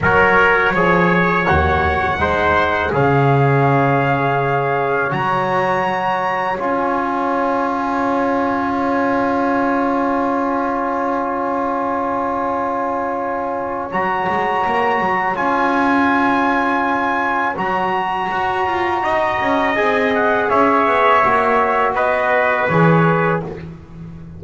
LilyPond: <<
  \new Staff \with { instrumentName = "trumpet" } { \time 4/4 \tempo 4 = 82 cis''2 fis''2 | f''2. ais''4~ | ais''4 gis''2.~ | gis''1~ |
gis''2. ais''4~ | ais''4 gis''2. | ais''2. gis''8 fis''8 | e''2 dis''4 cis''4 | }
  \new Staff \with { instrumentName = "trumpet" } { \time 4/4 ais'4 cis''2 c''4 | cis''1~ | cis''1~ | cis''1~ |
cis''1~ | cis''1~ | cis''2 dis''2 | cis''2 b'2 | }
  \new Staff \with { instrumentName = "trombone" } { \time 4/4 fis'4 gis'4 fis'4 dis'4 | gis'2. fis'4~ | fis'4 f'2.~ | f'1~ |
f'2. fis'4~ | fis'4 f'2. | fis'2. gis'4~ | gis'4 fis'2 gis'4 | }
  \new Staff \with { instrumentName = "double bass" } { \time 4/4 fis4 f4 dis,4 gis4 | cis2. fis4~ | fis4 cis'2.~ | cis'1~ |
cis'2. fis8 gis8 | ais8 fis8 cis'2. | fis4 fis'8 f'8 dis'8 cis'8 c'4 | cis'8 b8 ais4 b4 e4 | }
>>